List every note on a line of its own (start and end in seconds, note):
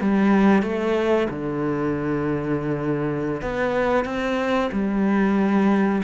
0.00 0.62 G3
0.62 1.27 A3
1.29 3.41 D3
3.41 4.04 B3
4.04 4.70 C4
4.72 6.02 G3